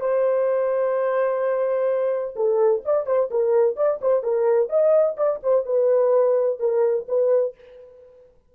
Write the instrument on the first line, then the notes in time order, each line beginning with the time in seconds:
horn
0.00 C5
2.36 A4
2.85 D5
3.06 C5
3.30 A#4
3.76 D5
4.01 C5
4.23 A#4
4.69 D#5
5.17 D5
5.43 C5
5.65 B4
6.59 A#4
7.08 B4